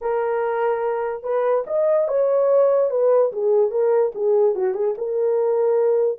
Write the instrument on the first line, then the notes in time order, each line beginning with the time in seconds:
horn
0.01 A#4
1.23 B4
1.66 D#5
2.07 C#5
2.90 B4
3.32 G#4
3.71 A#4
4.15 G#4
4.55 F#4
4.74 G#4
4.97 A#4